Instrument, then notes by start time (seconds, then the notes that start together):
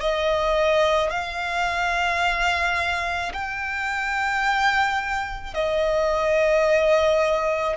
violin
0.00 D#5
1.10 F5
3.33 G5
5.54 D#5